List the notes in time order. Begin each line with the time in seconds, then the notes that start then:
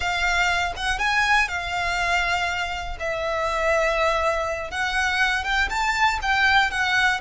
0.00 F5
0.76 F#5
0.98 G#5
1.48 F5
2.99 E5
4.71 F#5
5.44 G5
5.69 A5
6.22 G5
6.71 F#5